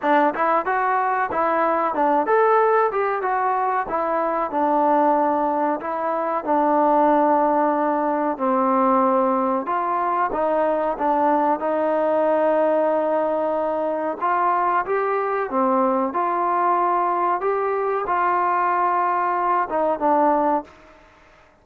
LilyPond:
\new Staff \with { instrumentName = "trombone" } { \time 4/4 \tempo 4 = 93 d'8 e'8 fis'4 e'4 d'8 a'8~ | a'8 g'8 fis'4 e'4 d'4~ | d'4 e'4 d'2~ | d'4 c'2 f'4 |
dis'4 d'4 dis'2~ | dis'2 f'4 g'4 | c'4 f'2 g'4 | f'2~ f'8 dis'8 d'4 | }